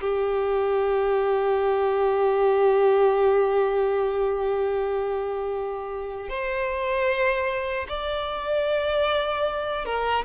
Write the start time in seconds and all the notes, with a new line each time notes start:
0.00 G4
6.29 C5
7.88 D5
9.85 A#4